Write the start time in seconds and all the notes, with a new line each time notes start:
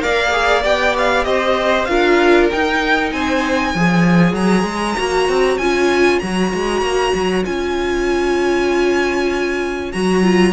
0.00 A#3 A#4 D5 F5
0.32 G#4
0.63 B3 G4 G5
0.98 F5
1.24 C4 C5 D#5
1.85 D4 F4 A#4 F5
2.51 D#4 G5
3.12 C4 C5 G#5
3.73 F3 G#4 C#5
4.34 F#3 A#5
4.64 G#3
4.98 A#3 F#4
5.29 C4
5.58 C#4 F4 G#5
6.20 F#3 F#4 A#5
6.54 G#3
6.82 A#3
7.14 F#3
7.45 C#4 F4 G#5
9.93 F#3 F#4 A#5
10.23 F4